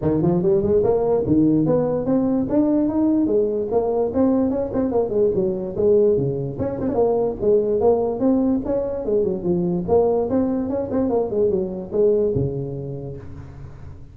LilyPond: \new Staff \with { instrumentName = "tuba" } { \time 4/4 \tempo 4 = 146 dis8 f8 g8 gis8 ais4 dis4 | b4 c'4 d'4 dis'4 | gis4 ais4 c'4 cis'8 c'8 | ais8 gis8 fis4 gis4 cis4 |
cis'8 c'16 cis'16 ais4 gis4 ais4 | c'4 cis'4 gis8 fis8 f4 | ais4 c'4 cis'8 c'8 ais8 gis8 | fis4 gis4 cis2 | }